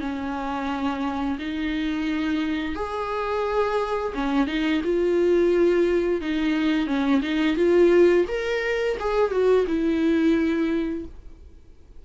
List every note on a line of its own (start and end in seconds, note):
0.00 1.38 C#4
1.39 2.75 D#4
2.75 4.13 G#4
4.15 4.47 C#4
4.47 4.82 D#4
4.84 6.21 F4
6.21 6.87 D#4
6.87 7.21 C#4
7.22 7.57 D#4
7.57 8.26 F4
8.28 8.97 A#4
9.00 9.31 G#4
9.31 9.66 F#4
9.67 11.05 E4